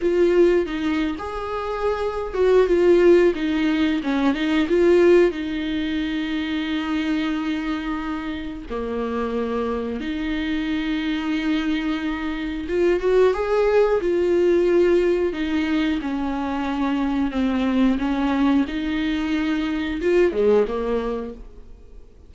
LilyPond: \new Staff \with { instrumentName = "viola" } { \time 4/4 \tempo 4 = 90 f'4 dis'8. gis'4.~ gis'16 fis'8 | f'4 dis'4 cis'8 dis'8 f'4 | dis'1~ | dis'4 ais2 dis'4~ |
dis'2. f'8 fis'8 | gis'4 f'2 dis'4 | cis'2 c'4 cis'4 | dis'2 f'8 gis8 ais4 | }